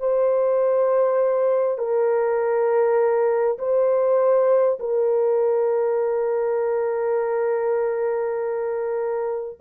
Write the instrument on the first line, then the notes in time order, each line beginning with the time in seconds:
horn
0.00 C5
1.78 A#4
3.58 C5
4.80 A#4